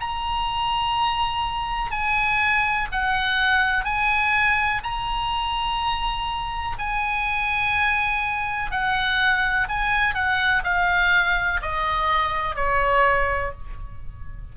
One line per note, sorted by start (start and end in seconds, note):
0.00 1.91 A#5
1.91 2.88 G#5
2.92 3.84 F#5
3.84 4.81 G#5
4.83 6.77 A#5
6.78 8.71 G#5
8.71 9.68 F#5
9.69 10.14 G#5
10.14 10.63 F#5
10.64 11.60 F5
11.62 12.55 D#5
12.55 13.52 C#5